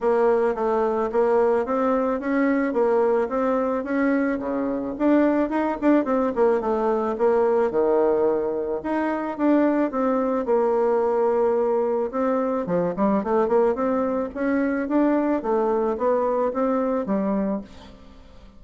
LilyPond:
\new Staff \with { instrumentName = "bassoon" } { \time 4/4 \tempo 4 = 109 ais4 a4 ais4 c'4 | cis'4 ais4 c'4 cis'4 | cis4 d'4 dis'8 d'8 c'8 ais8 | a4 ais4 dis2 |
dis'4 d'4 c'4 ais4~ | ais2 c'4 f8 g8 | a8 ais8 c'4 cis'4 d'4 | a4 b4 c'4 g4 | }